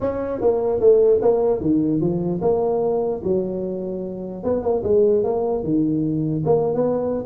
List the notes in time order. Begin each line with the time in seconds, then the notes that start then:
0.00 C#4
0.40 A#3
0.80 A3
1.21 A#3
1.61 D#3
2.00 F3
2.41 A#3
3.23 F#3
4.43 B3
4.62 A#3
4.83 G#3
5.23 A#3
5.63 D#3
6.45 A#3
6.74 B3